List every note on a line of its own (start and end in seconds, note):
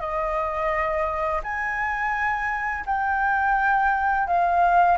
0.00 1.41 D#5
1.43 2.85 G#5
2.86 4.27 G5
4.27 4.98 F5